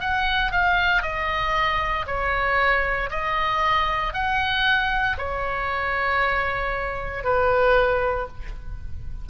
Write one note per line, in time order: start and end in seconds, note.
0.00 0.52 F#5
0.52 1.02 F5
1.02 2.05 D#5
2.06 3.10 C#5
3.10 4.13 D#5
4.13 5.17 F#5
5.17 7.24 C#5
7.24 8.27 B4